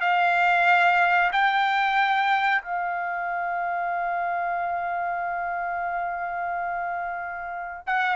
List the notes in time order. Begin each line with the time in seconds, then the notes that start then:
0.00 F5
1.32 G5
2.61 F5
7.86 F#5